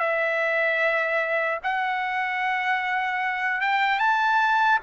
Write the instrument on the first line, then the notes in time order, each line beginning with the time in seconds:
trumpet
0.00 E5
1.64 F#5
3.61 G5
3.99 A5